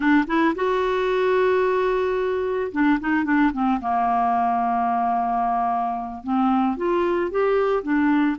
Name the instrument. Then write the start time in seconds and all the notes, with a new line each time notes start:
clarinet
0.00 D4
0.27 E4
0.55 F#4
2.72 D4
3.00 D#4
3.24 D4
3.53 C4
3.80 A#3
6.23 C4
6.76 F4
7.30 G4
7.83 D4